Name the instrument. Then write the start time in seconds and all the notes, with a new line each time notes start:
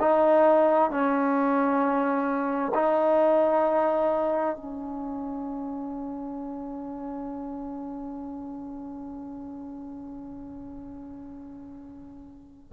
trombone
0.00 D#4
0.90 C#4
2.74 D#4
4.56 C#4